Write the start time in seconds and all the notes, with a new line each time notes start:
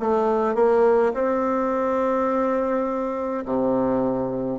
0.00 A3
0.55 A#3
1.14 C4
3.46 C3